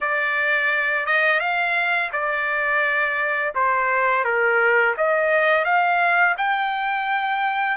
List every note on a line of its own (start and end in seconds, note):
0.00 1.06 D5
1.06 1.39 D#5
1.39 2.10 F5
2.12 3.53 D5
3.55 4.24 C5
4.24 4.94 A#4
4.97 5.64 D#5
5.64 6.35 F5
6.37 7.77 G5